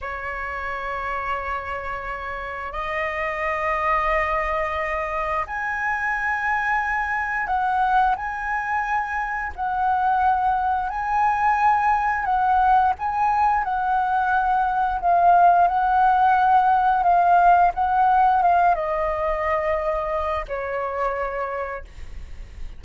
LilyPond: \new Staff \with { instrumentName = "flute" } { \time 4/4 \tempo 4 = 88 cis''1 | dis''1 | gis''2. fis''4 | gis''2 fis''2 |
gis''2 fis''4 gis''4 | fis''2 f''4 fis''4~ | fis''4 f''4 fis''4 f''8 dis''8~ | dis''2 cis''2 | }